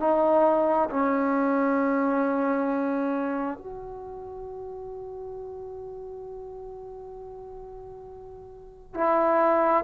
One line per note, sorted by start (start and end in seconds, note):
0.00 0.90 D#4
0.90 3.58 C#4
3.58 8.95 F#4
8.95 9.84 E4